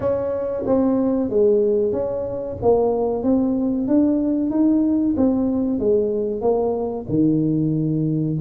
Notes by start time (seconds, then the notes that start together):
0.00 C#4
0.66 C4
1.29 G#3
1.92 C#4
2.61 A#3
3.23 C4
3.87 D4
4.50 D#4
5.16 C4
5.79 G#3
6.41 A#3
7.09 D#3